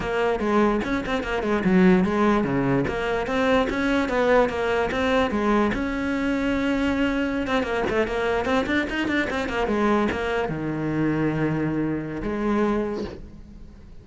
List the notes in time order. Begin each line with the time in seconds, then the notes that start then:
0.00 A#3
0.39 G#3
0.83 C#4
1.05 C4
1.23 A#3
1.42 G#3
1.64 F#3
2.04 G#3
2.43 C#3
2.87 A#3
3.27 C4
3.69 C#4
4.09 B3
4.49 A#3
4.91 C4
5.30 G#3
5.73 C#4
7.47 C4
7.63 A#3
7.89 A3
8.07 A#3
8.45 C4
8.66 D4
8.89 D#4
9.07 D4
9.29 C4
9.48 A#3
9.67 G#3
10.11 A#3
10.48 D#3
12.22 G#3